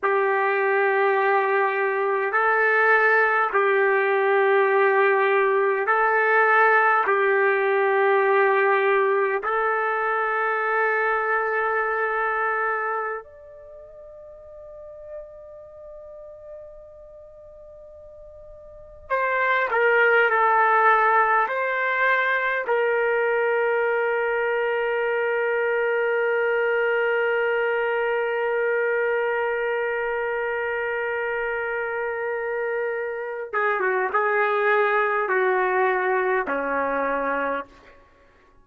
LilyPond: \new Staff \with { instrumentName = "trumpet" } { \time 4/4 \tempo 4 = 51 g'2 a'4 g'4~ | g'4 a'4 g'2 | a'2.~ a'16 d''8.~ | d''1~ |
d''16 c''8 ais'8 a'4 c''4 ais'8.~ | ais'1~ | ais'1~ | ais'8 gis'16 fis'16 gis'4 fis'4 cis'4 | }